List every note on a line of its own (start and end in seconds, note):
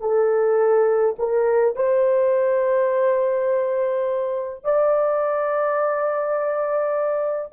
0.00 1.15 A4
1.18 1.76 A#4
1.76 4.64 C5
4.64 7.53 D5